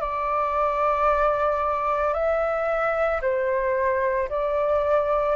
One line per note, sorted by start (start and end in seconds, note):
0.00 2.13 D5
2.13 3.20 E5
3.21 4.29 C5
4.29 5.36 D5